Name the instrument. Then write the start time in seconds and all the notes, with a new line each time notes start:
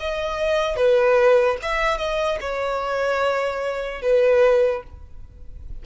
violin
0.00 D#5
0.76 B4
1.62 E5
1.98 D#5
2.41 C#5
4.02 B4